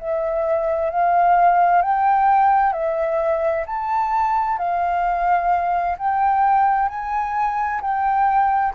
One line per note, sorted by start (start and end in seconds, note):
0.00 0.91 E5
0.91 1.83 F5
1.83 2.73 G5
2.73 3.65 E5
3.67 4.59 A5
4.59 5.97 F5
5.99 6.89 G5
6.89 7.82 G#5
7.82 8.74 G5